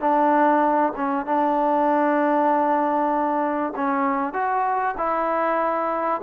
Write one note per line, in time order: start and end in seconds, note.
0.00 0.93 D4
0.96 1.26 C#4
1.26 3.73 D4
3.76 4.33 C#4
4.33 4.95 F#4
4.97 6.21 E4